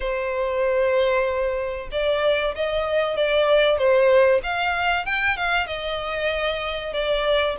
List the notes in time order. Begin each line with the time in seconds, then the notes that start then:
0.00 C5
1.91 D5
2.55 D#5
3.16 D5
3.78 C5
4.43 F5
5.05 G5
5.36 F5
5.66 D#5
6.93 D5